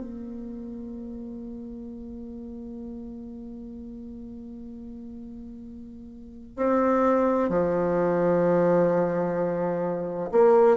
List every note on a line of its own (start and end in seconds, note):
0.00 6.56 A#3
6.56 7.49 C4
7.49 10.30 F3
10.32 10.77 A#3